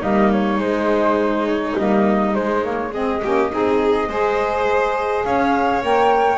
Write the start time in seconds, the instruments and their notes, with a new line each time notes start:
0.00 double bass G3, saxophone A#3, violin D#4, flute D#5
0.32 flute C#5
0.59 double bass G#3, saxophone G#3, flute C5
1.47 flute C#5
1.77 double bass G3, saxophone A#3, flute D#5
2.34 saxophone G#3, double bass G#3, flute C5
2.63 saxophone A#3, flute C#5
2.92 saxophone C4, violin G#4, flute D#5
3.22 double bass A#3, saxophone C#4, violin G4
3.51 double bass C4, saxophone D#4, violin G#4
4.09 double bass G#3, saxophone G#4, violin C5
5.25 double bass C#4, violin C#5, flute F5
5.83 double bass A#3, saxophone A#4, flute G5